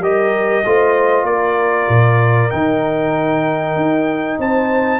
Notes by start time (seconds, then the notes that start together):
0.00 G3 G4 A#4 D#5
0.65 A3 F4 C5
1.24 A#3 A#4 D5
1.89 A#2
2.50 D#3 D#4 G5
3.76 D#4
4.39 C4 C5 A5